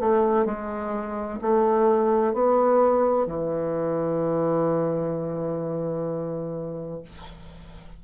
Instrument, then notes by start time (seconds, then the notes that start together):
bassoon
0.00 A3
0.46 G#3
1.41 A3
2.34 B3
3.27 E3